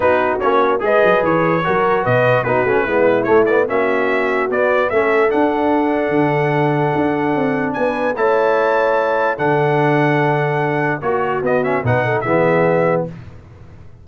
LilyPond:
<<
  \new Staff \with { instrumentName = "trumpet" } { \time 4/4 \tempo 4 = 147 b'4 cis''4 dis''4 cis''4~ | cis''4 dis''4 b'2 | cis''8 d''8 e''2 d''4 | e''4 fis''2.~ |
fis''2. gis''4 | a''2. fis''4~ | fis''2. cis''4 | dis''8 e''8 fis''4 e''2 | }
  \new Staff \with { instrumentName = "horn" } { \time 4/4 fis'2 b'2 | ais'4 b'4 fis'4 e'4~ | e'4 fis'2. | a'1~ |
a'2. b'4 | cis''2. a'4~ | a'2. fis'4~ | fis'4 b'8 a'8 gis'2 | }
  \new Staff \with { instrumentName = "trombone" } { \time 4/4 dis'4 cis'4 gis'2 | fis'2 dis'8 cis'8 b4 | a8 b8 cis'2 b4 | cis'4 d'2.~ |
d'1 | e'2. d'4~ | d'2. fis'4 | b8 cis'8 dis'4 b2 | }
  \new Staff \with { instrumentName = "tuba" } { \time 4/4 b4 ais4 gis8 fis8 e4 | fis4 b,4 b8 a8 gis4 | a4 ais2 b4 | a4 d'2 d4~ |
d4 d'4 c'4 b4 | a2. d4~ | d2. ais4 | b4 b,4 e2 | }
>>